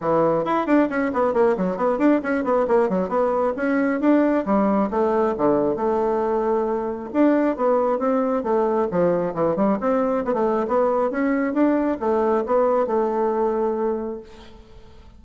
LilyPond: \new Staff \with { instrumentName = "bassoon" } { \time 4/4 \tempo 4 = 135 e4 e'8 d'8 cis'8 b8 ais8 fis8 | b8 d'8 cis'8 b8 ais8 fis8 b4 | cis'4 d'4 g4 a4 | d4 a2. |
d'4 b4 c'4 a4 | f4 e8 g8 c'4 b16 a8. | b4 cis'4 d'4 a4 | b4 a2. | }